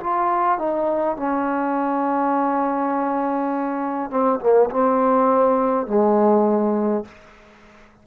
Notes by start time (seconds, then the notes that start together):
0.00 F4
0.59 D#4
1.17 C#4
4.11 C4
4.41 A#3
4.71 C4
5.87 G#3